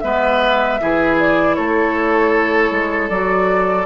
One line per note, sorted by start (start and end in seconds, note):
0.00 0.81 G#3
0.00 0.80 B3
0.00 0.81 B4
0.00 1.15 E5
0.80 1.58 E3
0.80 3.11 E4
0.80 1.57 G#4
1.19 1.55 D5
1.55 2.71 A3
1.55 3.86 A4
1.55 3.09 C#5
2.71 3.10 G#3
3.09 3.86 F#3
3.09 3.86 F#4
3.09 3.86 D5